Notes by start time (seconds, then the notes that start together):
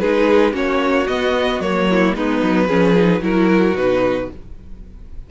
0.00 G#3 D#4 G#4 B4
0.52 A#3 C#4 F#4 C#5
1.08 B3 D#5
1.60 F#3 A#3 C#5
1.90 E4
2.15 G#3 B3 D#4 B4
2.43 F#3
2.68 F3 C#4 G#4
2.97 D#4
3.20 F#3 E4 F#4 A#4
3.75 B2 D#4 B4